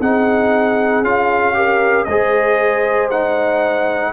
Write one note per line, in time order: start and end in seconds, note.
0.00 1.03 C4
0.00 1.05 D#4
0.00 1.55 G#4
0.00 1.05 F#5
1.03 2.06 C#4
1.03 1.54 F4
1.03 2.05 F5
1.54 2.06 G4
1.54 2.08 A#4
2.05 4.13 G#3
2.05 3.12 G#4
2.05 4.13 C5
2.05 3.08 D#5
3.11 4.13 D#4
3.11 4.13 F#5